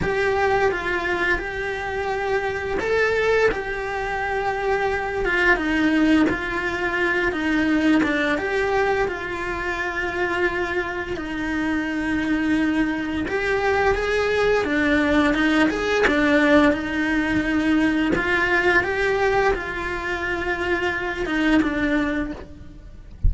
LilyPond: \new Staff \with { instrumentName = "cello" } { \time 4/4 \tempo 4 = 86 g'4 f'4 g'2 | a'4 g'2~ g'8 f'8 | dis'4 f'4. dis'4 d'8 | g'4 f'2. |
dis'2. g'4 | gis'4 d'4 dis'8 gis'8 d'4 | dis'2 f'4 g'4 | f'2~ f'8 dis'8 d'4 | }